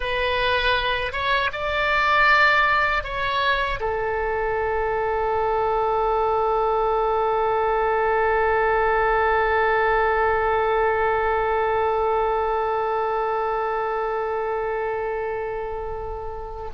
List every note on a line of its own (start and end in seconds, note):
0.00 1.12 B4
1.12 1.50 C#5
1.52 3.03 D5
3.03 3.79 C#5
3.79 16.71 A4